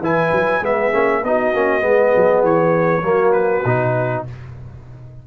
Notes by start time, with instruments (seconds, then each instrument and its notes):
0.00 tuba E3, trombone E4, horn B4, trumpet G#5
0.32 tuba F#3
0.61 tuba G#3, trombone B3, horn G#4, trumpet E5
0.92 tuba A#3, trombone C#4
1.23 tuba B3, trombone D#4, horn F#4, trumpet D#5
1.54 tuba A#3, trombone C#4
1.81 tuba G#3, trombone B3, horn G#4
2.16 tuba F#3
2.43 tuba E3, trumpet C#5
3.03 tuba F#3, trombone A#3, horn F#4
3.33 trumpet B4
3.65 tuba B2, trombone D#4